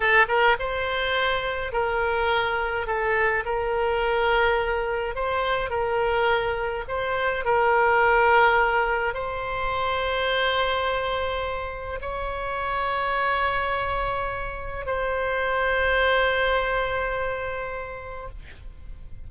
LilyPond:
\new Staff \with { instrumentName = "oboe" } { \time 4/4 \tempo 4 = 105 a'8 ais'8 c''2 ais'4~ | ais'4 a'4 ais'2~ | ais'4 c''4 ais'2 | c''4 ais'2. |
c''1~ | c''4 cis''2.~ | cis''2 c''2~ | c''1 | }